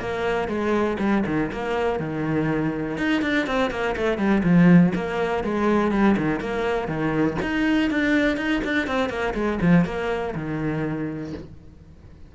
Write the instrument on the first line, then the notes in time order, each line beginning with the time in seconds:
cello
0.00 A#3
0.48 G#3
0.99 G3
1.26 D#3
1.52 A#3
1.99 D#3
2.97 D#4
3.22 D4
3.46 C4
3.70 A#3
3.96 A3
4.17 G3
4.43 F3
4.95 A#3
5.44 G#3
5.91 G3
6.17 D#3
6.40 A#3
6.88 D#3
7.42 D#4
7.90 D4
8.37 D#4
8.64 D4
8.87 C4
9.09 A#3
9.34 G#3
9.61 F3
9.85 A#3
10.35 D#3